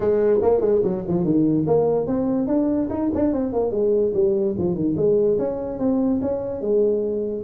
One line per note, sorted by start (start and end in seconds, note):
0.00 0.39 G#3
0.42 0.60 A#3
0.60 0.81 G#3
0.83 1.04 F#3
1.08 1.24 F3
1.24 1.65 D#3
1.66 2.06 A#3
2.06 2.47 C4
2.47 2.88 D4
2.89 3.10 D#4
3.14 3.32 D4
3.32 3.53 C4
3.53 3.71 A#3
3.71 4.12 G#3
4.14 4.55 G3
4.57 4.75 F3
4.75 4.95 D#3
4.96 5.38 G#3
5.38 5.79 C#4
5.79 6.20 C4
6.21 6.61 C#4
6.61 7.43 G#3